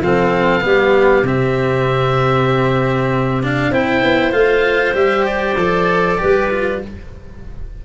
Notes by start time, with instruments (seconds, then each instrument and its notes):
0.00 tuba F3, cello C4, clarinet A4, oboe F5
0.61 tuba G3, cello B3, clarinet G4
1.23 tuba C3, cello C4, oboe E5
3.43 cello D4, oboe F5
3.71 tuba C4, cello E4, clarinet C5, oboe G5
4.03 tuba B3
4.32 tuba A3, cello F4, oboe F5
4.94 tuba G3, cello G4, oboe E5
5.26 oboe D5
5.56 tuba F3, cello A4
6.19 tuba G3, cello G4, clarinet B4
6.51 cello F4